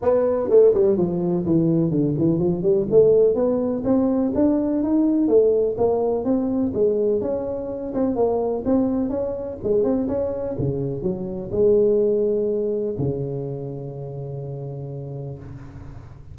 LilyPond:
\new Staff \with { instrumentName = "tuba" } { \time 4/4 \tempo 4 = 125 b4 a8 g8 f4 e4 | d8 e8 f8 g8 a4 b4 | c'4 d'4 dis'4 a4 | ais4 c'4 gis4 cis'4~ |
cis'8 c'8 ais4 c'4 cis'4 | gis8 c'8 cis'4 cis4 fis4 | gis2. cis4~ | cis1 | }